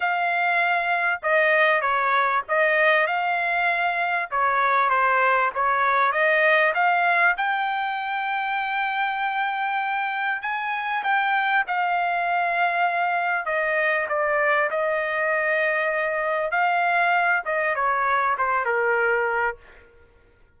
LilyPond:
\new Staff \with { instrumentName = "trumpet" } { \time 4/4 \tempo 4 = 98 f''2 dis''4 cis''4 | dis''4 f''2 cis''4 | c''4 cis''4 dis''4 f''4 | g''1~ |
g''4 gis''4 g''4 f''4~ | f''2 dis''4 d''4 | dis''2. f''4~ | f''8 dis''8 cis''4 c''8 ais'4. | }